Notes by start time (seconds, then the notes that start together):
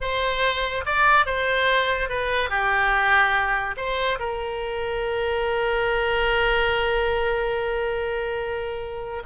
0.00 C5
0.85 D5
1.26 C5
2.09 B4
2.49 G4
3.76 C5
4.19 A#4